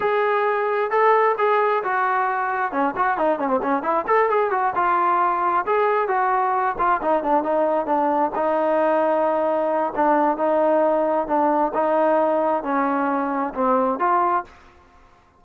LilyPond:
\new Staff \with { instrumentName = "trombone" } { \time 4/4 \tempo 4 = 133 gis'2 a'4 gis'4 | fis'2 cis'8 fis'8 dis'8 cis'16 c'16 | cis'8 e'8 a'8 gis'8 fis'8 f'4.~ | f'8 gis'4 fis'4. f'8 dis'8 |
d'8 dis'4 d'4 dis'4.~ | dis'2 d'4 dis'4~ | dis'4 d'4 dis'2 | cis'2 c'4 f'4 | }